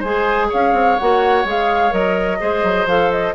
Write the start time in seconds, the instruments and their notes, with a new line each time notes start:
0.00 bassoon G#3, clarinet G#4, oboe C5, flute G#5
0.49 bassoon C#4, oboe C#5, flute F5
0.73 bassoon C4
0.99 bassoon A#3, clarinet F#4, flute F#5
1.45 bassoon G#3, clarinet G#4, flute F5
1.90 bassoon F#3, clarinet A#4, flute D#5
2.40 bassoon G#3, clarinet G#4, oboe C5
2.63 bassoon F#3
2.86 bassoon F3, clarinet A4, flute F5
3.11 flute D#5